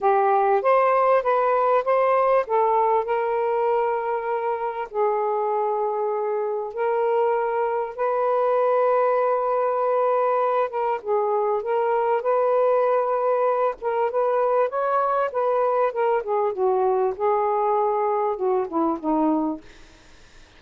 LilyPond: \new Staff \with { instrumentName = "saxophone" } { \time 4/4 \tempo 4 = 98 g'4 c''4 b'4 c''4 | a'4 ais'2. | gis'2. ais'4~ | ais'4 b'2.~ |
b'4. ais'8 gis'4 ais'4 | b'2~ b'8 ais'8 b'4 | cis''4 b'4 ais'8 gis'8 fis'4 | gis'2 fis'8 e'8 dis'4 | }